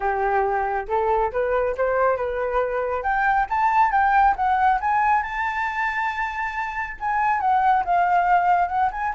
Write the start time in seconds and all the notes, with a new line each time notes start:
0.00 G4
0.88 A4
1.32 B4
1.77 C5
2.17 B4
3.03 G5
3.49 A5
3.91 G5
4.36 F#5
4.80 G#5
5.22 A5
6.99 G#5
7.40 F#5
7.84 F5
8.68 F#5
8.91 G#5